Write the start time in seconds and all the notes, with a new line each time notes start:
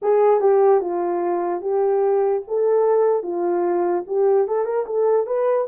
0.01 G#4
0.40 G4
0.80 F4
1.61 G4
2.47 A4
3.22 F4
4.07 G4
4.47 A4
4.64 A#4
4.85 A4
5.26 B4